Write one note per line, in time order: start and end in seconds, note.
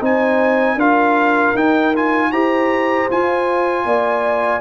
0.00 0.76 C4
0.00 0.78 D#4
0.00 0.75 C5
0.00 0.80 G#5
0.75 1.53 D4
0.75 1.56 F4
0.75 2.29 A#4
0.75 1.57 F5
1.55 2.32 D#4
1.55 1.95 D#4
1.55 1.95 G5
1.96 2.33 F4
1.96 2.32 G#5
2.32 3.09 E4
2.32 3.10 G4
2.32 3.86 C5
2.32 3.09 A#5
3.10 4.61 F4
3.10 3.85 F4
3.10 4.61 G#5
3.85 4.61 A#3
3.85 4.61 D5